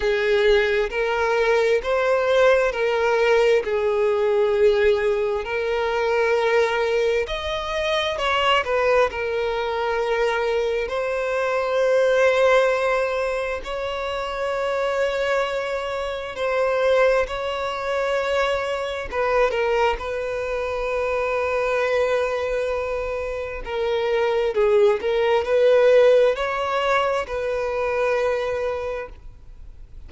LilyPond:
\new Staff \with { instrumentName = "violin" } { \time 4/4 \tempo 4 = 66 gis'4 ais'4 c''4 ais'4 | gis'2 ais'2 | dis''4 cis''8 b'8 ais'2 | c''2. cis''4~ |
cis''2 c''4 cis''4~ | cis''4 b'8 ais'8 b'2~ | b'2 ais'4 gis'8 ais'8 | b'4 cis''4 b'2 | }